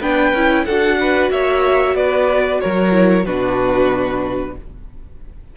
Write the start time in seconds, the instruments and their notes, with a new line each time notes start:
0.00 cello B3, viola D4, violin B4 G5
0.33 cello C#4, viola E4
0.66 cello D4, viola F#4, violin A4 F#5
1.01 violin B4
1.30 cello A#3, violin C#5 E5
1.95 cello B3, violin B4 D5
2.61 cello F#3, violin A#4 C#5
2.92 viola E4
3.26 cello B2, viola D4, violin F#4 B4